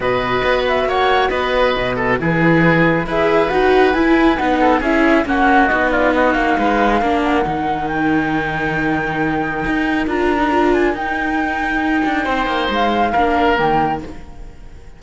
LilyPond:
<<
  \new Staff \with { instrumentName = "flute" } { \time 4/4 \tempo 4 = 137 dis''4. e''8 fis''4 dis''4~ | dis''4 b'2 e''4 | fis''4 gis''4 fis''4 e''4 | fis''4 dis''8 d''8 dis''8 f''4.~ |
f''8 fis''4. g''2~ | g''2. ais''4~ | ais''8 gis''8 g''2.~ | g''4 f''2 g''4 | }
  \new Staff \with { instrumentName = "oboe" } { \time 4/4 b'2 cis''4 b'4~ | b'8 a'8 gis'2 b'4~ | b'2~ b'8 a'8 gis'4 | fis'4. f'8 fis'4 b'4 |
ais'1~ | ais'1~ | ais'1 | c''2 ais'2 | }
  \new Staff \with { instrumentName = "viola" } { \time 4/4 fis'1~ | fis'4 e'2 gis'4 | fis'4 e'4 dis'4 e'4 | cis'4 dis'2. |
d'4 dis'2.~ | dis'2. f'8. dis'16 | f'4 dis'2.~ | dis'2 d'4 ais4 | }
  \new Staff \with { instrumentName = "cello" } { \time 4/4 b,4 b4 ais4 b4 | b,4 e2 e'4 | dis'4 e'4 b4 cis'4 | ais4 b4. ais8 gis4 |
ais4 dis2.~ | dis2 dis'4 d'4~ | d'4 dis'2~ dis'8 d'8 | c'8 ais8 gis4 ais4 dis4 | }
>>